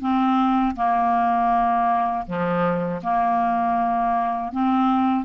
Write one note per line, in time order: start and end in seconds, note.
0.00 0.75 C4
0.75 2.25 A#3
2.26 3.01 F3
3.03 4.52 A#3
4.52 5.24 C4